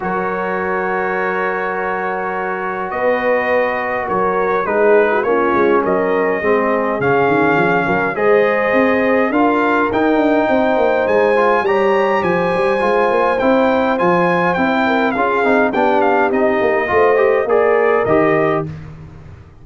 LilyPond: <<
  \new Staff \with { instrumentName = "trumpet" } { \time 4/4 \tempo 4 = 103 cis''1~ | cis''4 dis''2 cis''4 | b'4 cis''4 dis''2 | f''2 dis''2 |
f''4 g''2 gis''4 | ais''4 gis''2 g''4 | gis''4 g''4 f''4 g''8 f''8 | dis''2 d''4 dis''4 | }
  \new Staff \with { instrumentName = "horn" } { \time 4/4 ais'1~ | ais'4 b'2 ais'4 | gis'8. fis'16 f'4 ais'4 gis'4~ | gis'4. ais'8 c''2 |
ais'2 c''2 | cis''4 c''2.~ | c''4. ais'8 gis'4 g'4~ | g'4 c''4 ais'2 | }
  \new Staff \with { instrumentName = "trombone" } { \time 4/4 fis'1~ | fis'1 | dis'4 cis'2 c'4 | cis'2 gis'2 |
f'4 dis'2~ dis'8 f'8 | g'2 f'4 e'4 | f'4 e'4 f'8 dis'8 d'4 | dis'4 f'8 g'8 gis'4 g'4 | }
  \new Staff \with { instrumentName = "tuba" } { \time 4/4 fis1~ | fis4 b2 fis4 | gis4 ais8 gis8 fis4 gis4 | cis8 dis8 f8 fis8 gis4 c'4 |
d'4 dis'8 d'8 c'8 ais8 gis4 | g4 f8 g8 gis8 ais8 c'4 | f4 c'4 cis'8 c'8 b4 | c'8 ais8 a4 ais4 dis4 | }
>>